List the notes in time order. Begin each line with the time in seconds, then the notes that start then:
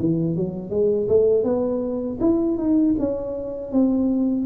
0.00 E3
0.36 F#3
0.70 G#3
1.09 A3
1.44 B3
2.21 E4
2.58 D#4
3.00 C#4
3.72 C4